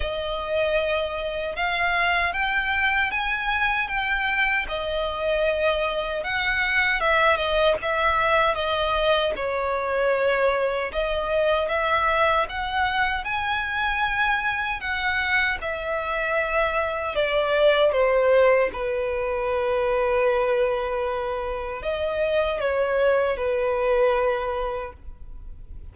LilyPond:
\new Staff \with { instrumentName = "violin" } { \time 4/4 \tempo 4 = 77 dis''2 f''4 g''4 | gis''4 g''4 dis''2 | fis''4 e''8 dis''8 e''4 dis''4 | cis''2 dis''4 e''4 |
fis''4 gis''2 fis''4 | e''2 d''4 c''4 | b'1 | dis''4 cis''4 b'2 | }